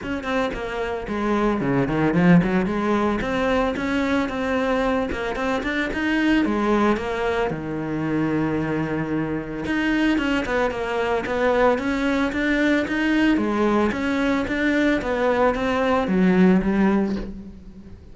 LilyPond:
\new Staff \with { instrumentName = "cello" } { \time 4/4 \tempo 4 = 112 cis'8 c'8 ais4 gis4 cis8 dis8 | f8 fis8 gis4 c'4 cis'4 | c'4. ais8 c'8 d'8 dis'4 | gis4 ais4 dis2~ |
dis2 dis'4 cis'8 b8 | ais4 b4 cis'4 d'4 | dis'4 gis4 cis'4 d'4 | b4 c'4 fis4 g4 | }